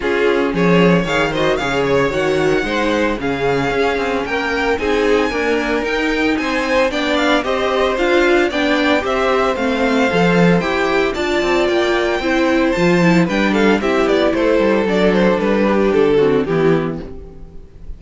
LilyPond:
<<
  \new Staff \with { instrumentName = "violin" } { \time 4/4 \tempo 4 = 113 gis'4 cis''4 f''8 dis''8 f''8 cis''8 | fis''2 f''2 | g''4 gis''2 g''4 | gis''4 g''8 f''8 dis''4 f''4 |
g''4 e''4 f''2 | g''4 a''4 g''2 | a''4 g''8 f''8 e''8 d''8 c''4 | d''8 c''8 b'4 a'4 g'4 | }
  \new Staff \with { instrumentName = "violin" } { \time 4/4 f'4 gis'4 cis''8 c''8 cis''4~ | cis''4 c''4 gis'2 | ais'4 gis'4 ais'2 | c''4 d''4 c''2 |
d''4 c''2.~ | c''4 d''2 c''4~ | c''4 b'8 a'8 g'4 a'4~ | a'4. g'4 fis'8 e'4 | }
  \new Staff \with { instrumentName = "viola" } { \time 4/4 cis'2 gis'8 fis'8 gis'4 | fis'4 dis'4 cis'2~ | cis'4 dis'4 ais4 dis'4~ | dis'4 d'4 g'4 f'4 |
d'4 g'4 c'4 a'4 | g'4 f'2 e'4 | f'8 e'8 d'4 e'2 | d'2~ d'8 c'8 b4 | }
  \new Staff \with { instrumentName = "cello" } { \time 4/4 cis'4 f4 dis4 cis4 | dis4 gis4 cis4 cis'8 c'8 | ais4 c'4 d'4 dis'4 | c'4 b4 c'4 d'4 |
b4 c'4 a4 f4 | e'4 d'8 c'8 ais4 c'4 | f4 g4 c'8 b8 a8 g8 | fis4 g4 d4 e4 | }
>>